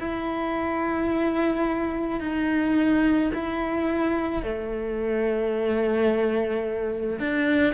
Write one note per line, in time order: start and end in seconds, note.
0.00 2.21 E4
2.21 3.32 D#4
3.34 4.43 E4
4.43 7.20 A3
7.20 7.74 D4